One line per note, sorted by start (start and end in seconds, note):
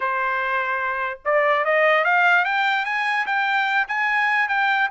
0.00 1.19 C5
1.24 1.64 D5
1.64 2.04 D#5
2.04 2.44 F5
2.44 2.85 G5
2.85 3.26 G#5
3.26 3.87 G5
3.88 4.48 G#5
4.48 4.89 G5